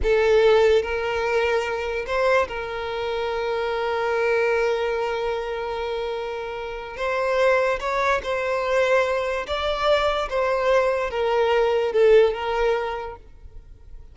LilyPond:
\new Staff \with { instrumentName = "violin" } { \time 4/4 \tempo 4 = 146 a'2 ais'2~ | ais'4 c''4 ais'2~ | ais'1~ | ais'1~ |
ais'4 c''2 cis''4 | c''2. d''4~ | d''4 c''2 ais'4~ | ais'4 a'4 ais'2 | }